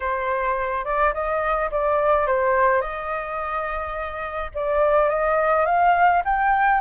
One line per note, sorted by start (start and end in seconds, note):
0.00 0.85 C5
0.85 1.13 D5
1.13 1.70 D#5
1.71 2.26 D5
2.26 2.81 C5
2.81 4.51 D#5
4.54 5.09 D5
5.09 5.65 D#5
5.65 6.22 F5
6.24 6.81 G5